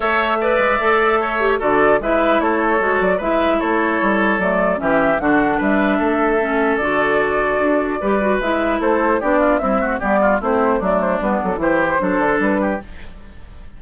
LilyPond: <<
  \new Staff \with { instrumentName = "flute" } { \time 4/4 \tempo 4 = 150 e''1 | d''4 e''4 cis''4. d''8 | e''4 cis''2 d''4 | e''4 fis''4 e''2~ |
e''4 d''2.~ | d''4 e''4 c''4 d''4 | e''4 d''4 c''4 d''8 c''8 | b'8 a'8 c''2 b'4 | }
  \new Staff \with { instrumentName = "oboe" } { \time 4/4 cis''4 d''2 cis''4 | a'4 b'4 a'2 | b'4 a'2. | g'4 fis'4 b'4 a'4~ |
a'1 | b'2 a'4 g'8 f'8 | e'8 fis'8 g'8 f'8 e'4 d'4~ | d'4 g'4 a'4. g'8 | }
  \new Staff \with { instrumentName = "clarinet" } { \time 4/4 a'4 b'4 a'4. g'8 | fis'4 e'2 fis'4 | e'2. a4 | cis'4 d'2. |
cis'4 fis'2. | g'8 fis'8 e'2 d'4 | g8 a8 b4 c'4 a4 | b4 e'4 d'2 | }
  \new Staff \with { instrumentName = "bassoon" } { \time 4/4 a4. gis8 a2 | d4 gis4 a4 gis8 fis8 | gis4 a4 g4 fis4 | e4 d4 g4 a4~ |
a4 d2 d'4 | g4 gis4 a4 b4 | c'4 g4 a4 fis4 | g8 fis8 e4 fis8 d8 g4 | }
>>